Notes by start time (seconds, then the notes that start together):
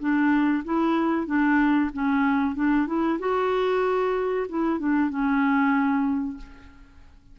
0.00 D4
0.65 E4
1.27 D4
1.94 C#4
2.56 D4
2.88 E4
3.20 F#4
4.49 E4
4.80 D4
5.10 C#4